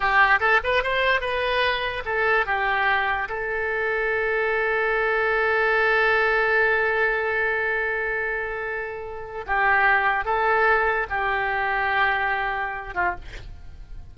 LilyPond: \new Staff \with { instrumentName = "oboe" } { \time 4/4 \tempo 4 = 146 g'4 a'8 b'8 c''4 b'4~ | b'4 a'4 g'2 | a'1~ | a'1~ |
a'1~ | a'2. g'4~ | g'4 a'2 g'4~ | g'2.~ g'8 f'8 | }